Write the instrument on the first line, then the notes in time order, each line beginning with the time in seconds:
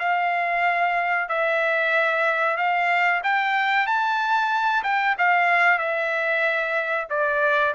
trumpet
0.00 F5
1.29 E5
2.57 F5
3.24 G5
3.87 A5
4.84 G5
5.19 F5
5.79 E5
7.10 D5